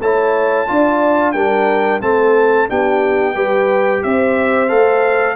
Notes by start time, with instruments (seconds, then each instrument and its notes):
0.00 tuba A3, trombone E4, horn C#5, trumpet A5
0.68 tuba D4, trombone F4, horn D5
1.32 tuba G3, trombone D4, horn A#4, trumpet G5
2.01 tuba A3, trombone C4, horn A4, trumpet A5
2.69 tuba B3, trombone D4, horn G4, trumpet G5
3.35 tuba G3, trombone G4, horn B4
4.04 tuba C4, horn C5, trumpet E5
4.69 tuba A3, trombone A4, trumpet F5